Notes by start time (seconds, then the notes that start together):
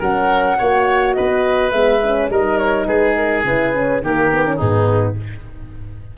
0.00 F#3 C#4 A#4 F#5
0.58 A#3 F#4 C#5
1.14 B3 B4 D#5
1.71 G#3 B3 E5
2.03 C#4
2.30 G3 D#4 A#4 D#5
2.58 C#5
2.87 G#3 G#4 B4
3.16 A#4
3.44 C#3 E4 B4
3.74 C#4
4.01 D#3 A#3 G4 A#4
4.32 B3
4.46 C#4
4.56 G#2 B3 D#4 G#4